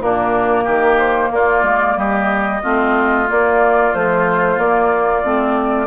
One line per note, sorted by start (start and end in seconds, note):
0.00 0.65 A#2
0.00 2.62 A#3
0.00 0.64 D4
0.00 0.99 A#4
0.64 1.31 D#3
0.64 1.30 G4
0.99 1.31 C5
1.31 1.63 A#3
1.31 1.98 F4
1.31 1.99 D5
1.63 1.96 G#3
1.97 2.62 G3
1.97 2.63 G4
1.97 3.29 D#5
2.63 3.29 A3
2.63 3.27 C4
2.63 5.87 F4
3.27 3.92 A#3
3.27 3.94 A#3
3.27 3.95 D5
3.94 4.58 F3
3.94 4.58 A3
3.94 4.60 C5
4.58 5.23 A#3
4.58 5.24 A#3
4.58 5.87 D5
5.25 5.87 A3
5.25 5.87 C4